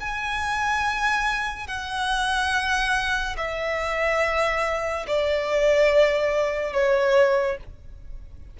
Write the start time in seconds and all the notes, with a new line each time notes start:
0.00 G#5
1.67 F#5
3.37 E5
5.07 D5
6.73 C#5